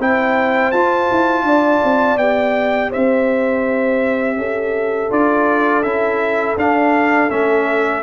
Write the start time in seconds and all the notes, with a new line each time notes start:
0.00 C4 E4 C5 G5
0.72 F4 A5
1.11 E4
1.43 D4 D5
1.84 C4
2.17 B3 G4 G5
2.90 C4 C5 E5
4.37 C#4 A4
5.10 D4 F4 D5
5.83 C#4 E4 E5
6.57 D4 F5
7.30 A3 C#4 E5